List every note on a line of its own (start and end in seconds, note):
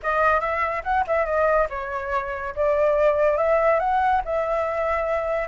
0.02 0.40 D#5
0.40 0.82 E5
0.83 1.04 F#5
1.07 1.25 E5
1.25 1.68 D#5
1.69 2.54 C#5
2.55 3.37 D5
3.37 3.79 E5
3.79 4.21 F#5
4.25 5.48 E5